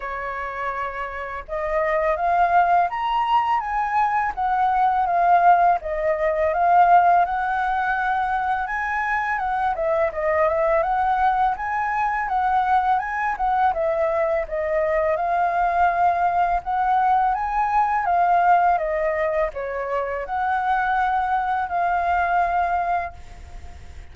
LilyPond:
\new Staff \with { instrumentName = "flute" } { \time 4/4 \tempo 4 = 83 cis''2 dis''4 f''4 | ais''4 gis''4 fis''4 f''4 | dis''4 f''4 fis''2 | gis''4 fis''8 e''8 dis''8 e''8 fis''4 |
gis''4 fis''4 gis''8 fis''8 e''4 | dis''4 f''2 fis''4 | gis''4 f''4 dis''4 cis''4 | fis''2 f''2 | }